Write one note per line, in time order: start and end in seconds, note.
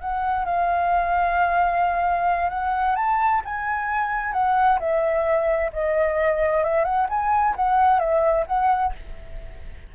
0.00 0.45 F#5
0.45 2.50 F5
2.50 2.95 F#5
2.95 3.41 A5
3.45 4.33 G#5
4.33 4.79 F#5
4.79 5.71 E5
5.73 6.63 D#5
6.63 6.84 E5
6.84 7.07 F#5
7.09 7.55 G#5
7.56 7.99 F#5
7.99 8.45 E5
8.47 8.93 F#5